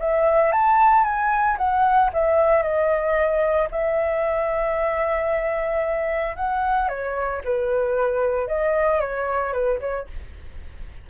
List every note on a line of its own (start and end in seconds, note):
0.00 0.52 E5
0.52 1.04 A5
1.04 1.57 G#5
1.58 2.11 F#5
2.14 2.63 E5
2.63 3.69 D#5
3.72 6.36 E5
6.36 6.89 F#5
6.89 7.42 C#5
7.45 8.48 B4
8.48 9.00 D#5
9.00 9.53 C#5
9.53 9.80 B4
9.81 10.07 C#5